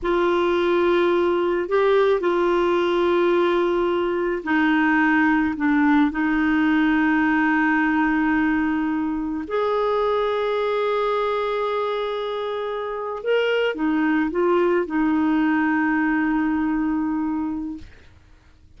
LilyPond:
\new Staff \with { instrumentName = "clarinet" } { \time 4/4 \tempo 4 = 108 f'2. g'4 | f'1 | dis'2 d'4 dis'4~ | dis'1~ |
dis'4 gis'2.~ | gis'2.~ gis'8. ais'16~ | ais'8. dis'4 f'4 dis'4~ dis'16~ | dis'1 | }